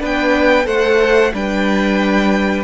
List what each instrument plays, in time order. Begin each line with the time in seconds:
0.00 cello B3, viola D4, violin B4 G5
0.64 cello A3, viola A4, violin C5 F#5
1.33 cello G3, viola D4, violin B4 G5